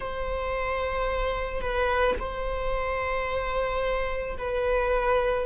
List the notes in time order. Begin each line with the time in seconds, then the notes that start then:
0.00 C5
1.61 B4
2.19 C5
4.37 B4